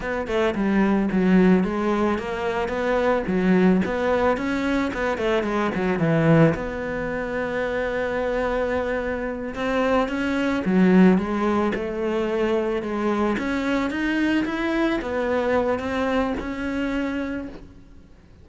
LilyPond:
\new Staff \with { instrumentName = "cello" } { \time 4/4 \tempo 4 = 110 b8 a8 g4 fis4 gis4 | ais4 b4 fis4 b4 | cis'4 b8 a8 gis8 fis8 e4 | b1~ |
b4. c'4 cis'4 fis8~ | fis8 gis4 a2 gis8~ | gis8 cis'4 dis'4 e'4 b8~ | b4 c'4 cis'2 | }